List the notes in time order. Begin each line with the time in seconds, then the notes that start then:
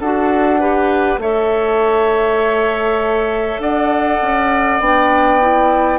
0.00 D4 F#4 A4 F#5
0.59 G4 B4
1.18 A3 A4 C#5 E5
3.59 D4 D5 F#5
4.21 C#4
4.80 B3 D4 G5
5.42 E4